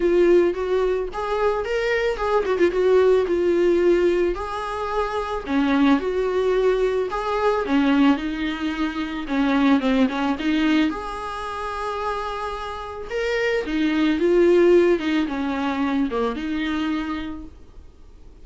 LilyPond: \new Staff \with { instrumentName = "viola" } { \time 4/4 \tempo 4 = 110 f'4 fis'4 gis'4 ais'4 | gis'8 fis'16 f'16 fis'4 f'2 | gis'2 cis'4 fis'4~ | fis'4 gis'4 cis'4 dis'4~ |
dis'4 cis'4 c'8 cis'8 dis'4 | gis'1 | ais'4 dis'4 f'4. dis'8 | cis'4. ais8 dis'2 | }